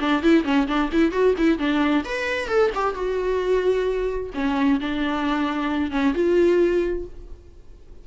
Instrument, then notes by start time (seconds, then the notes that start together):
viola
0.00 D4
0.22 E4
0.44 C#4
0.67 D4
0.92 E4
1.12 F#4
1.38 E4
1.58 D4
2.05 B4
2.48 A4
2.74 G4
2.94 F#4
4.34 C#4
4.80 D4
5.91 C#4
6.14 F4